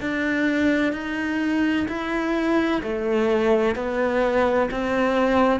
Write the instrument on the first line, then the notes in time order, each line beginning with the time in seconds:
cello
0.00 D4
0.92 D#4
1.88 E4
2.83 A3
3.75 B3
4.71 C4